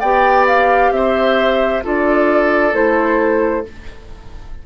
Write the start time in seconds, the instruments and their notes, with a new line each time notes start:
0.00 bassoon B3, clarinet G4, oboe D5, flute G5
0.47 flute F5
0.91 bassoon C4, oboe C5, flute E5
1.83 bassoon D4, clarinet F4, oboe A4, flute D5
2.72 bassoon A3, clarinet E4, flute C5